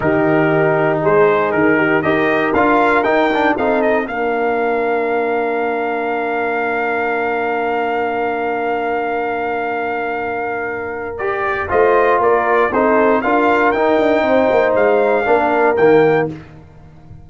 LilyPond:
<<
  \new Staff \with { instrumentName = "trumpet" } { \time 4/4 \tempo 4 = 118 ais'2 c''4 ais'4 | dis''4 f''4 g''4 f''8 dis''8 | f''1~ | f''1~ |
f''1~ | f''2 d''4 dis''4 | d''4 c''4 f''4 g''4~ | g''4 f''2 g''4 | }
  \new Staff \with { instrumentName = "horn" } { \time 4/4 g'2 gis'4. g'8 | ais'2. a'4 | ais'1~ | ais'1~ |
ais'1~ | ais'2. c''4 | ais'4 a'4 ais'2 | c''2 ais'2 | }
  \new Staff \with { instrumentName = "trombone" } { \time 4/4 dis'1 | g'4 f'4 dis'8 d'8 dis'4 | d'1~ | d'1~ |
d'1~ | d'2 g'4 f'4~ | f'4 dis'4 f'4 dis'4~ | dis'2 d'4 ais4 | }
  \new Staff \with { instrumentName = "tuba" } { \time 4/4 dis2 gis4 dis4 | dis'4 d'4 dis'4 c'4 | ais1~ | ais1~ |
ais1~ | ais2. a4 | ais4 c'4 d'4 dis'8 d'8 | c'8 ais8 gis4 ais4 dis4 | }
>>